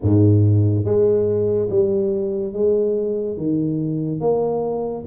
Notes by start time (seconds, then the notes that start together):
0.02 G#2
0.85 G#3
1.69 G3
2.53 G#3
3.36 D#3
4.20 A#3